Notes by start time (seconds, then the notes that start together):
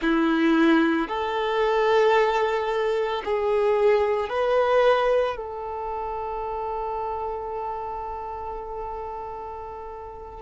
0.01 E4
1.08 A4
3.24 G#4
4.29 B4
5.36 A4